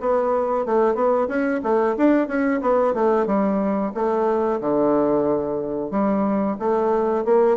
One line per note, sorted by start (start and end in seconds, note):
0.00 0.66 B3
0.66 0.95 A3
0.95 1.28 B3
1.28 1.61 C#4
1.63 1.96 A3
1.97 2.28 D4
2.28 2.61 C#4
2.61 2.94 B3
2.94 3.26 A3
3.26 3.92 G3
3.94 4.60 A3
4.61 5.91 D3
5.91 6.57 G3
6.59 7.25 A3
7.25 7.57 A#3